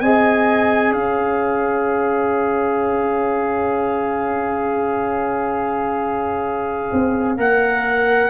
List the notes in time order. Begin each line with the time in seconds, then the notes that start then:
0.00 C4 G#4 D#5 G#5
0.91 C#4 C#5 F5
6.92 C4
7.37 A#3 A#4 F#5